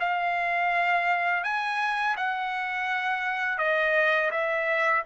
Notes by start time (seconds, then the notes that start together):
0.00 F5
1.44 G#5
2.17 F#5
3.58 D#5
4.31 E5